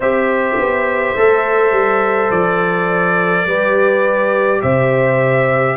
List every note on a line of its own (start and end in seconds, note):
0.00 0.56 C4
0.00 1.16 G4
0.00 3.46 C5
0.00 2.30 E5
0.57 1.15 B3
1.16 1.71 A3
1.16 3.47 A4
1.71 2.29 G3
2.30 3.45 F3
2.30 4.61 D5
3.45 4.61 G3
3.45 5.76 G4
3.45 4.62 B4
4.62 5.76 C3
4.62 5.76 C5
4.62 5.76 E5